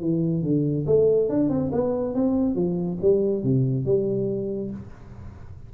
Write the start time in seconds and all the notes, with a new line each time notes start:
0.00 E3
0.42 D3
0.86 A3
1.29 D4
1.49 C4
1.72 B3
2.14 C4
2.55 F3
3.01 G3
3.43 C3
3.85 G3